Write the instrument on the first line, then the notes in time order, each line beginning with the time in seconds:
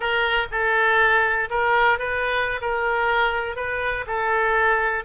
oboe
0.00 A#4
0.51 A4
1.50 A#4
1.99 B4
2.61 A#4
3.55 B4
4.06 A4